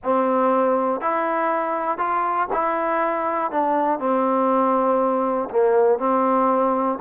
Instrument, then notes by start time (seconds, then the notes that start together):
trombone
0.03 C4
1.00 E4
1.97 F4
2.52 E4
3.51 D4
3.99 C4
5.50 A#3
5.99 C4